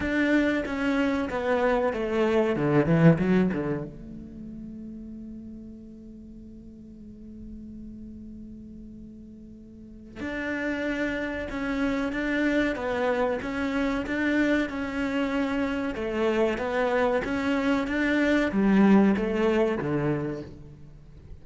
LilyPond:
\new Staff \with { instrumentName = "cello" } { \time 4/4 \tempo 4 = 94 d'4 cis'4 b4 a4 | d8 e8 fis8 d8 a2~ | a1~ | a1 |
d'2 cis'4 d'4 | b4 cis'4 d'4 cis'4~ | cis'4 a4 b4 cis'4 | d'4 g4 a4 d4 | }